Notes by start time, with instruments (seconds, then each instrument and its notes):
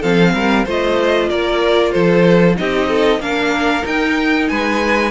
0.00 cello F3, viola C4, violin A4 F5
0.34 cello G3, violin A#4
0.65 cello A3, viola F4, violin C5 D#5
1.30 cello A#3, violin A#4 D5
1.92 cello F3, violin A4 C5
2.56 cello C4, viola D#4, violin G4 D#5
2.89 violin A4
3.20 cello A#3, viola D4, violin A#4 F5
3.83 viola D#4, cello D#4, violin G5
4.49 cello G#3, violin B4 G#5